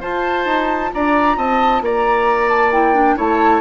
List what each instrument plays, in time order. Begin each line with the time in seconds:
0.00 bassoon F4, clarinet F4, oboe C5, flute A5
0.45 bassoon D#4
0.93 bassoon D4, oboe D5, flute A#5
1.37 bassoon C4, oboe D#5, flute A5
1.81 bassoon A#3, oboe D5, flute A#5
2.49 flute A5
2.72 clarinet E4, flute G5
2.94 clarinet D4
3.16 bassoon A3, clarinet E4, oboe C#5, flute A5